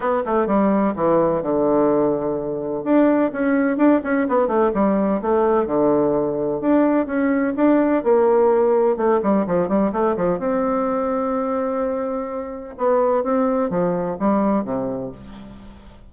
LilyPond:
\new Staff \with { instrumentName = "bassoon" } { \time 4/4 \tempo 4 = 127 b8 a8 g4 e4 d4~ | d2 d'4 cis'4 | d'8 cis'8 b8 a8 g4 a4 | d2 d'4 cis'4 |
d'4 ais2 a8 g8 | f8 g8 a8 f8 c'2~ | c'2. b4 | c'4 f4 g4 c4 | }